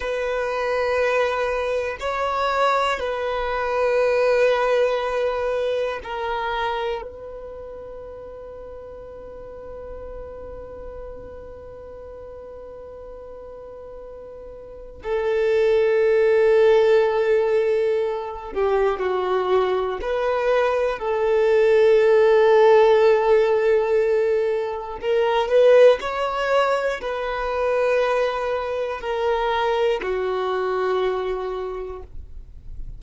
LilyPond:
\new Staff \with { instrumentName = "violin" } { \time 4/4 \tempo 4 = 60 b'2 cis''4 b'4~ | b'2 ais'4 b'4~ | b'1~ | b'2. a'4~ |
a'2~ a'8 g'8 fis'4 | b'4 a'2.~ | a'4 ais'8 b'8 cis''4 b'4~ | b'4 ais'4 fis'2 | }